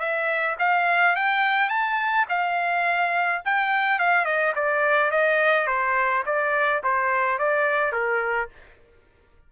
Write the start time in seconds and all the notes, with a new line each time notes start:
0.00 E5
0.59 F5
1.16 G5
1.70 A5
2.30 F5
3.45 G5
4.00 F5
4.25 D#5
4.56 D5
5.11 D#5
5.68 C5
6.26 D5
6.84 C5
7.39 D5
7.93 A#4